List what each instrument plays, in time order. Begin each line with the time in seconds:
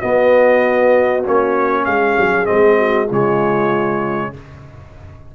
0.00 trombone B3, tuba B3, horn F#4, trumpet D#5
1.24 tuba A#3, trombone C#4, trumpet C#5
1.84 tuba G#3, horn G#4, trumpet F5
2.17 tuba F#3
2.45 tuba G#3, trombone C4, trumpet D#5
2.77 horn F#4
3.06 tuba C#3, trombone G#3, horn F4, trumpet C#5